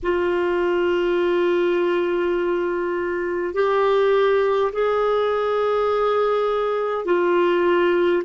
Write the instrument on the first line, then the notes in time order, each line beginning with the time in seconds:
clarinet
0.02 F4
3.53 G4
4.72 G#4
7.05 F4